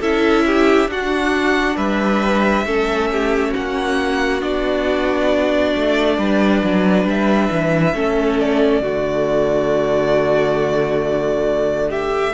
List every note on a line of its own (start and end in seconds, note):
0.00 0.87 C#4
0.00 0.90 E4
0.00 0.44 A4
0.00 0.90 E5
0.46 0.90 G4
0.87 1.76 D4
0.87 2.66 D4
0.87 1.77 F#4
0.87 1.77 F#5
1.77 2.65 G3
1.77 2.65 B4
1.77 3.53 E5
2.65 3.53 A3
2.65 4.41 C#4
2.65 3.11 A4
3.11 3.49 G4
3.49 6.14 F#4
3.49 4.42 F#5
3.56 4.42 A#3
4.41 5.75 B3
4.41 7.94 D4
4.41 7.07 D5
5.76 6.18 A3
6.18 6.62 G3
6.18 7.95 B4
6.63 7.05 F#3
7.05 7.49 G3
7.05 8.40 E5
7.51 7.94 E3
7.94 8.81 A3
7.94 8.83 C#4
7.94 8.82 A4
8.40 11.91 D5
8.81 12.33 D3
8.81 12.34 A3
8.81 11.90 F#4
11.90 12.34 G4
11.90 12.34 E5